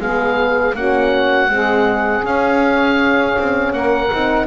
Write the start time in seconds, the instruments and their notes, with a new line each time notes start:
0.00 double bass G#3, horn B3, saxophone G#4, oboe F5
0.74 double bass A#3, horn C#4, saxophone F#4, oboe F#5
1.47 horn G#3, double bass C4
1.53 saxophone G#4
2.22 horn C#4, double bass C#4, oboe F5
3.38 double bass C4
3.73 double bass A#3, saxophone A#4, oboe F#5
4.12 double bass C4, horn D#4